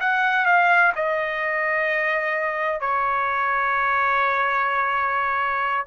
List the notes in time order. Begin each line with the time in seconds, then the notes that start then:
0.00 F#5
0.46 F5
0.95 D#5
2.80 C#5